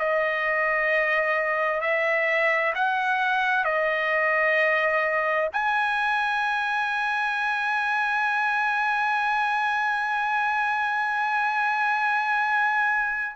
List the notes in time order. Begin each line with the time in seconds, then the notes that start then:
0.00 D#5
1.81 E5
2.75 F#5
3.65 D#5
5.53 G#5